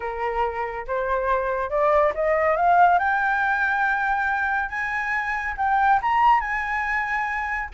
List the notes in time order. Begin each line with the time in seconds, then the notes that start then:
0.00 A#4
0.87 C5
1.70 D5
2.14 D#5
2.56 F5
2.99 G5
4.69 G#5
5.57 G5
6.02 A#5
6.40 G#5